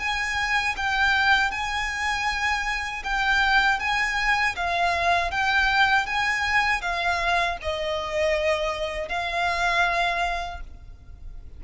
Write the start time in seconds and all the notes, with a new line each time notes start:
0.00 G#5
0.77 G5
1.52 G#5
3.04 G5
3.80 G#5
4.56 F5
5.31 G5
6.07 G#5
6.82 F5
7.62 D#5
9.09 F5